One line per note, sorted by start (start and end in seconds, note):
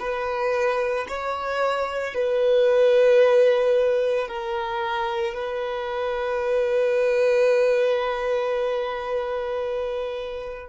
0.00 1.07 B4
1.09 2.14 C#5
2.14 4.28 B4
4.28 5.35 A#4
5.35 10.69 B4